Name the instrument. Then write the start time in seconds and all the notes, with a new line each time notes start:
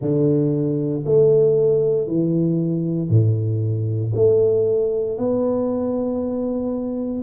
tuba
0.00 D3
1.05 A3
2.07 E3
3.09 A2
4.14 A3
5.18 B3